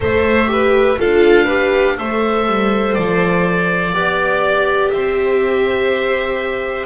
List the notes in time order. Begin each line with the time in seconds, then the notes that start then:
0.00 A3 A4 C5 E5
0.47 G4 B4
0.98 D4 F4 A4 F5
1.44 G4 B4
1.98 A3 A4 C5 E5
2.46 G3
2.94 F3 D5
3.91 B3 G4 D5
4.90 C4 C5 E5